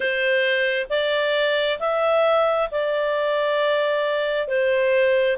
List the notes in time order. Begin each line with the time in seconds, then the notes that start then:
0.00 C5
0.90 D5
1.79 E5
2.71 D5
4.47 C5